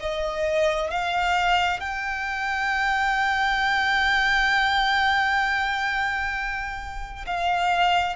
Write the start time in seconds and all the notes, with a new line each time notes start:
0.00 D#5
0.90 F5
1.80 G5
7.26 F5